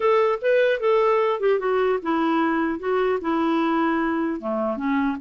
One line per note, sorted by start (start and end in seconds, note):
0.00 0.39 A4
0.41 0.79 B4
0.79 1.39 A4
1.40 1.59 G4
1.59 1.99 F#4
2.02 2.79 E4
2.79 3.19 F#4
3.21 4.40 E4
4.40 4.77 A3
4.77 5.17 C#4